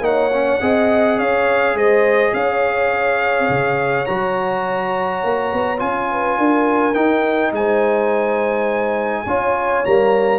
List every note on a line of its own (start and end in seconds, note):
0.00 0.58 A#3
0.00 0.31 D#4
0.00 0.62 C#5
0.00 1.19 F#5
0.33 0.60 C#4
0.60 1.19 C4
0.60 4.06 G#4
0.60 1.18 D#5
1.18 1.74 C#4
1.18 1.75 C#5
1.18 1.76 F5
1.74 2.32 G#3
1.74 2.33 C5
1.74 2.34 D#5
2.33 3.48 C#4
2.33 6.10 C#5
2.33 4.05 F5
3.49 4.06 C#3
4.05 5.23 F#3
4.05 5.78 F#4
4.05 5.78 A#5
5.23 5.52 A#3
5.52 5.81 B3
5.78 6.38 C#4
5.78 6.93 F4
5.78 6.94 G#5
6.11 6.37 B4
6.37 6.95 D4
6.37 7.53 A#4
6.94 9.25 D#4
6.94 7.52 D#4
6.94 7.51 G5
7.52 9.25 G#3
7.52 9.24 C5
7.52 9.85 G#5
9.24 9.84 C#4
9.24 9.84 F4
9.24 10.39 C#5
9.84 10.39 G3
9.84 10.39 A#3
9.84 10.39 A#5